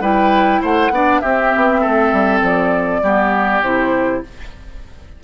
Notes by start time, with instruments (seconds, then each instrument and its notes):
0.00 bassoon G3, clarinet E4, oboe B4, flute G5
0.61 bassoon A3, oboe C5, flute F#5
0.90 bassoon B3, clarinet D4, oboe D5
1.19 bassoon C4, clarinet C4, oboe G4, flute E5
1.56 bassoon B3
1.81 bassoon A3, oboe A4
2.12 bassoon G3
2.41 bassoon F3, flute D5
3.02 bassoon G3, clarinet B3, oboe G4
3.62 bassoon C3, clarinet E4, flute C5